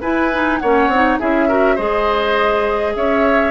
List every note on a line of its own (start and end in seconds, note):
0.00 0.59 E4
0.00 0.31 E4
0.00 0.59 B4
0.00 0.59 G#5
0.32 0.61 D#4
0.59 0.87 A#3
0.59 0.93 C#4
0.59 1.19 C#5
0.59 1.17 F#5
0.87 1.16 C4
0.93 1.20 D#4
1.19 1.78 C#4
1.19 1.49 E4
1.19 1.48 G#4
1.19 1.77 E5
1.48 1.77 F#4
1.48 1.75 A#4
1.75 2.95 G#3
1.75 3.51 G#4
1.75 2.93 C5
1.75 2.95 D#5
2.95 3.51 C#4
2.95 3.51 C#5
2.95 3.51 E5